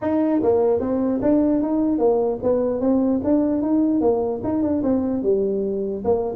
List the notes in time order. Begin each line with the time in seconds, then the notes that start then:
0.01 D#4
0.42 A#3
0.80 C4
1.22 D4
1.61 D#4
1.98 A#3
2.43 B3
2.80 C4
3.24 D4
3.61 D#4
4.00 A#3
4.43 D#4
4.62 D4
4.83 C4
5.23 G3
6.04 A#3